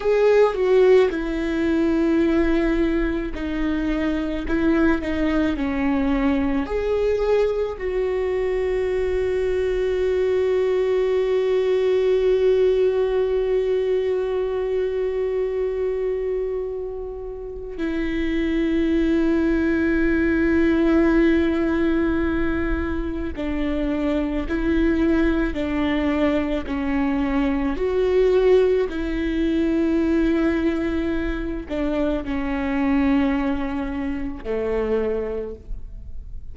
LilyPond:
\new Staff \with { instrumentName = "viola" } { \time 4/4 \tempo 4 = 54 gis'8 fis'8 e'2 dis'4 | e'8 dis'8 cis'4 gis'4 fis'4~ | fis'1~ | fis'1 |
e'1~ | e'4 d'4 e'4 d'4 | cis'4 fis'4 e'2~ | e'8 d'8 cis'2 a4 | }